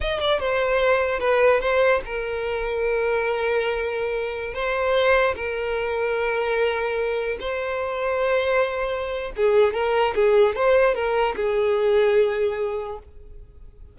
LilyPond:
\new Staff \with { instrumentName = "violin" } { \time 4/4 \tempo 4 = 148 dis''8 d''8 c''2 b'4 | c''4 ais'2.~ | ais'2.~ ais'16 c''8.~ | c''4~ c''16 ais'2~ ais'8.~ |
ais'2~ ais'16 c''4.~ c''16~ | c''2. gis'4 | ais'4 gis'4 c''4 ais'4 | gis'1 | }